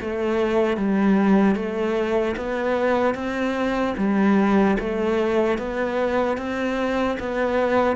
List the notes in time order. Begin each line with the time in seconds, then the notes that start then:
0.00 A3
0.77 G3
1.55 A3
2.36 B3
3.14 C4
3.97 G3
4.79 A3
5.58 B3
6.37 C4
7.19 B3